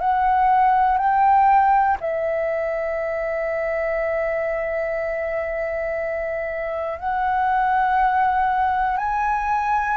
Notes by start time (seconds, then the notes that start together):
0.00 F#5
0.97 G5
2.00 E5
6.99 F#5
8.97 G#5